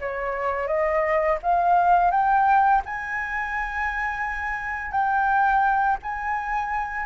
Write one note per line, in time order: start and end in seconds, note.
0.00 0.67 C#5
0.67 1.38 D#5
1.42 2.11 F5
2.11 2.82 G5
2.85 4.91 G#5
4.91 5.97 G5
6.02 7.06 G#5